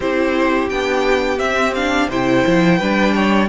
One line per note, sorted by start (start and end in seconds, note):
0.00 0.70 C4
0.00 0.71 E4
0.00 2.08 G4
0.00 0.69 C5
0.69 1.39 B3
0.69 1.37 D4
0.69 1.38 G5
1.37 1.72 C4
1.37 2.09 C4
1.37 1.73 E5
1.74 2.11 D4
1.74 2.09 F5
2.08 2.43 C3
2.08 2.81 E4
2.08 2.78 C5
2.08 3.48 G5
2.47 2.80 F3
2.78 3.48 G3
2.78 3.48 D4
2.78 3.13 B4
3.15 3.48 C#5